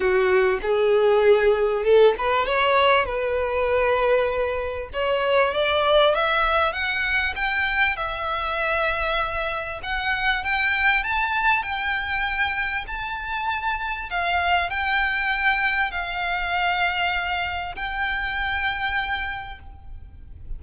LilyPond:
\new Staff \with { instrumentName = "violin" } { \time 4/4 \tempo 4 = 98 fis'4 gis'2 a'8 b'8 | cis''4 b'2. | cis''4 d''4 e''4 fis''4 | g''4 e''2. |
fis''4 g''4 a''4 g''4~ | g''4 a''2 f''4 | g''2 f''2~ | f''4 g''2. | }